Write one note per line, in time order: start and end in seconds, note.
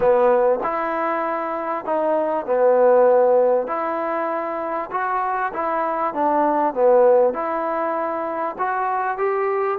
0.00 0.59 B3
0.63 1.85 E4
1.85 2.45 D#4
2.45 3.67 B3
3.67 4.90 E4
4.91 5.52 F#4
5.53 6.14 E4
6.14 6.73 D4
6.73 7.33 B3
7.33 8.55 E4
8.58 9.17 F#4
9.17 9.78 G4